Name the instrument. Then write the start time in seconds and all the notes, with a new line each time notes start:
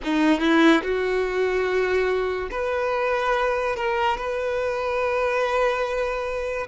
violin
0.03 D#4
0.40 E4
0.82 F#4
2.50 B4
3.75 A#4
4.17 B4